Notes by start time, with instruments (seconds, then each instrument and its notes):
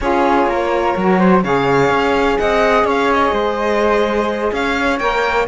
0.01 cello C#4, saxophone F4, flute G#4, violin C#5
0.46 cello A#3, flute A#4
0.96 cello F#3, saxophone F#4
1.18 flute C5
1.43 cello C#3, saxophone G#4, flute C#5, violin F5
1.89 cello C#4
2.38 cello C4, flute D#5, violin F#5
2.84 cello C#4, flute C#5, violin F5
3.13 violin D#5
3.32 cello G#3, flute C5
4.52 cello C#4, flute C#5, violin F5
4.98 cello A#3, saxophone A#4, violin G5